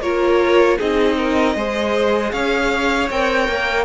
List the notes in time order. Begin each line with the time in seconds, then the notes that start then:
0.00 A#3 F4 A#4 C#5
0.78 C4 D#4 G#4 D#5
1.17 A#4
1.55 G#3 G#4 C5
2.31 C#4 C#5 F5
3.10 C4 A#4 G5
3.48 A#3